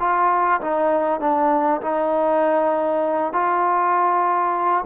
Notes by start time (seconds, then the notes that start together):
0.00 F4
0.61 D#4
1.20 D4
1.82 D#4
3.33 F4